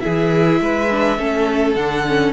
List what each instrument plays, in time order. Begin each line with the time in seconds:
0.00 viola E4, violin G#4 E5
0.06 cello E3
0.61 cello G#3, violin B4
0.91 viola D4
1.18 cello A3, viola C#4, violin A4
1.75 cello D3, viola D4, violin F#5
2.08 viola C#4